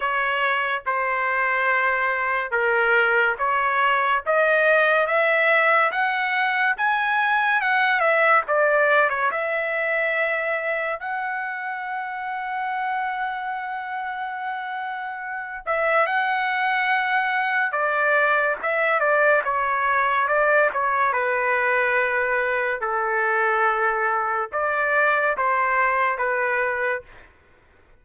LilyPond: \new Staff \with { instrumentName = "trumpet" } { \time 4/4 \tempo 4 = 71 cis''4 c''2 ais'4 | cis''4 dis''4 e''4 fis''4 | gis''4 fis''8 e''8 d''8. cis''16 e''4~ | e''4 fis''2.~ |
fis''2~ fis''8 e''8 fis''4~ | fis''4 d''4 e''8 d''8 cis''4 | d''8 cis''8 b'2 a'4~ | a'4 d''4 c''4 b'4 | }